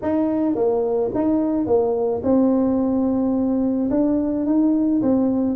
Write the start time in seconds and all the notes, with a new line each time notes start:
0.02 D#4
0.55 A#3
1.14 D#4
1.66 A#3
2.23 C4
3.90 D4
4.45 D#4
5.02 C4